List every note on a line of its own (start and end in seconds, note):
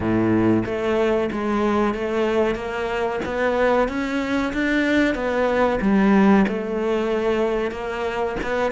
0.00 0.63 A2
0.65 1.30 A3
1.31 1.94 G#3
1.94 2.55 A3
2.55 3.19 A#3
3.25 3.88 B3
3.88 4.52 C#4
4.53 5.14 D4
5.14 5.79 B3
5.81 6.45 G3
6.48 7.71 A3
7.71 8.35 A#3
8.43 8.71 B3